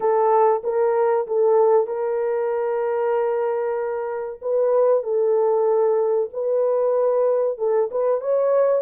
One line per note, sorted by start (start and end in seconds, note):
0.00 0.62 A4
0.63 1.26 A#4
1.27 1.87 A4
1.87 4.39 A#4
4.41 5.03 B4
5.03 6.29 A4
6.33 7.58 B4
7.58 7.89 A4
7.91 8.20 B4
8.20 8.82 C#5